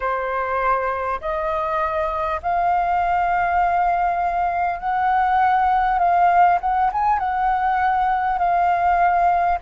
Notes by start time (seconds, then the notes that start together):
0.00 C5
1.20 D#5
2.42 F5
4.79 F#5
5.98 F5
6.60 F#5
6.92 G#5
7.18 F#5
8.38 F5